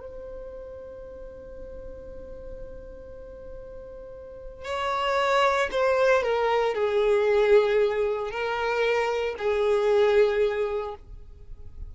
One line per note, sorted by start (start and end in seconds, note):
0.00 4.65 C5
4.65 5.70 C#5
5.72 6.23 C5
6.23 6.75 A#4
6.75 8.31 G#4
8.31 9.36 A#4
9.39 10.95 G#4